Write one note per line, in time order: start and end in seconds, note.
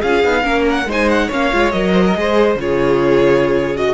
0.00 0.24 C#4
0.00 0.24 F4
0.00 0.43 G#4
0.00 0.66 F5
0.24 0.44 B3
0.24 0.43 D#4
0.43 0.85 A#3
0.43 0.86 C#4
0.43 0.86 A#4
0.70 0.91 F#5
0.85 1.28 G#3
0.85 1.32 D#4
0.85 1.27 C5
0.92 1.09 G#5
1.09 1.30 F#5
1.27 1.53 A#3
1.27 1.52 C#4
1.27 1.91 C#5
1.27 1.71 F5
1.52 1.73 G#3
1.52 1.72 F4
1.71 2.16 F#3
1.71 2.14 A#4
1.71 2.56 D#5
1.93 2.04 C5
2.07 2.17 A#4
2.14 2.55 G#3
2.14 2.56 G#4
2.14 2.62 C5
2.55 3.94 C#3
2.55 3.75 F4
2.55 3.77 C#5
2.62 3.94 G#4
3.75 3.94 F#4
3.75 3.94 D#5